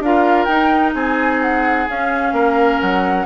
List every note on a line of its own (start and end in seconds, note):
0.00 0.47 D4
0.00 0.48 F4
0.00 0.95 A#4
0.00 0.45 F5
0.45 1.87 D#4
0.45 0.94 D#4
0.45 0.91 G5
0.94 1.87 C4
0.94 2.34 G#4
0.94 1.42 G#5
1.42 1.88 F#5
1.89 3.26 C#4
1.89 2.32 C#4
1.89 2.81 F5
2.32 2.79 A#3
2.32 3.26 A#4
2.81 3.26 F#3
2.81 3.26 F#5